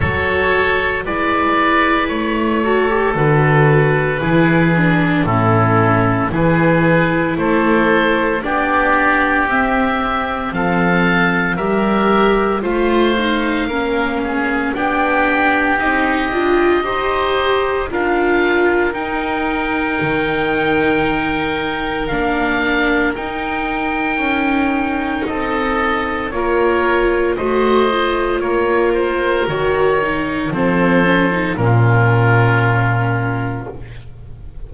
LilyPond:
<<
  \new Staff \with { instrumentName = "oboe" } { \time 4/4 \tempo 4 = 57 cis''4 d''4 cis''4 b'4~ | b'4 a'4 b'4 c''4 | d''4 e''4 f''4 e''4 | f''2 g''4 dis''4~ |
dis''4 f''4 g''2~ | g''4 f''4 g''2 | dis''4 cis''4 dis''4 cis''8 c''8 | cis''4 c''4 ais'2 | }
  \new Staff \with { instrumentName = "oboe" } { \time 4/4 a'4 b'4. a'4. | gis'4 e'4 gis'4 a'4 | g'2 a'4 ais'4 | c''4 ais'8 gis'8 g'2 |
c''4 ais'2.~ | ais'1 | a'4 ais'4 c''4 ais'4~ | ais'4 a'4 f'2 | }
  \new Staff \with { instrumentName = "viola" } { \time 4/4 fis'4 e'4. fis'16 g'16 fis'4 | e'8 d'8 cis'4 e'2 | d'4 c'2 g'4 | f'8 dis'8 cis'4 d'4 dis'8 f'8 |
g'4 f'4 dis'2~ | dis'4 d'4 dis'2~ | dis'4 f'4 fis'8 f'4. | fis'8 dis'8 c'8 cis'16 dis'16 cis'2 | }
  \new Staff \with { instrumentName = "double bass" } { \time 4/4 fis4 gis4 a4 d4 | e4 a,4 e4 a4 | b4 c'4 f4 g4 | a4 ais4 b4 c'8 d'8 |
dis'4 d'4 dis'4 dis4~ | dis4 ais4 dis'4 cis'4 | c'4 ais4 a4 ais4 | dis4 f4 ais,2 | }
>>